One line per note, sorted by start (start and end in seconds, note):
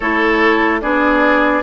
0.00 0.82 A3
0.00 0.81 E4
0.00 0.80 A4
0.00 0.80 C#5
0.80 1.63 B3
0.80 1.63 D4
0.80 1.63 G#4
0.80 1.63 D5